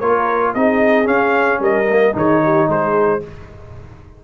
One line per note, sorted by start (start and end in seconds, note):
0.00 0.55 A#3
0.00 0.56 F4
0.00 0.54 A#4
0.00 0.54 C#5
0.54 1.08 C4
0.54 1.05 D#4
0.54 1.60 G#4
0.54 1.07 D#5
1.05 1.85 C#4
1.05 1.60 C#4
1.05 1.61 F5
1.60 2.14 G3
1.60 2.14 A#4
1.60 2.17 D#5
1.90 2.13 A#3
2.13 2.68 D#3
2.13 3.20 D#4
2.13 2.43 G#4
2.13 2.71 C#5
2.44 2.69 G4
2.68 3.22 G#3
2.68 3.22 G#4
2.68 3.24 C5